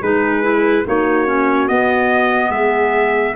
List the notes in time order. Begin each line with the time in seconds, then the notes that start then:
0.00 G#3 D#4 G#4 B4
0.42 E4
0.85 A#3 D#4 F#4 C#5
1.26 C#4
1.68 B3 D#5
2.49 G#3 G#4 E5